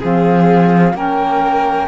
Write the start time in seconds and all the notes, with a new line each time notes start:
0.00 F3 C4 G#4 F5
0.94 A#3 C#4 A#4 G5